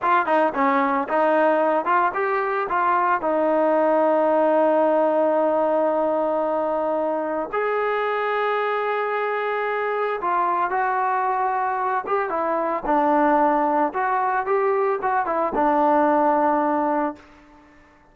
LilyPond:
\new Staff \with { instrumentName = "trombone" } { \time 4/4 \tempo 4 = 112 f'8 dis'8 cis'4 dis'4. f'8 | g'4 f'4 dis'2~ | dis'1~ | dis'2 gis'2~ |
gis'2. f'4 | fis'2~ fis'8 g'8 e'4 | d'2 fis'4 g'4 | fis'8 e'8 d'2. | }